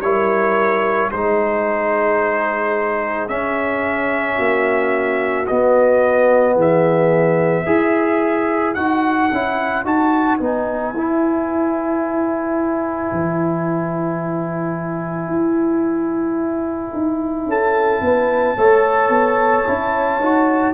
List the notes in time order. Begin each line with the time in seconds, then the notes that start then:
0.00 G3 E4 A#4 C#5
1.11 G#3 D#4 G#4 C5
3.28 C#4 E5
4.35 A#3 F#4
5.47 B3 D#5
6.56 E3 G#4 E5
7.64 E4 G#4 B4
8.75 D#4 F#4 F#5
9.32 C#4 E4
9.85 D#4 F#4 A5
10.37 B3 D#4 G#5
10.93 E4
13.12 E3
15.28 E4
16.93 D#4
17.46 C#4 A4 A5
18.01 B3 B4
18.57 A3 A4 C#5
19.09 B3
19.67 C#4 E4
20.19 D#4 F#4